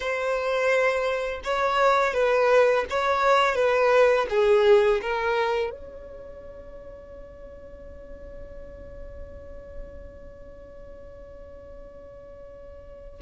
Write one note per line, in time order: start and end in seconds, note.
0.00 1.40 C5
1.44 2.13 C#5
2.13 2.85 B4
2.90 3.55 C#5
3.55 4.26 B4
4.29 5.01 G#4
5.01 5.70 A#4
5.70 13.20 C#5